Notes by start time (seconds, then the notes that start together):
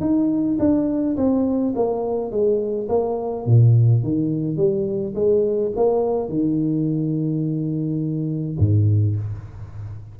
0.00 D#4
0.59 D4
1.16 C4
1.75 A#3
2.31 G#3
2.88 A#3
3.46 A#2
4.03 D#3
4.57 G3
5.15 G#3
5.76 A#3
6.28 D#3
8.59 G#2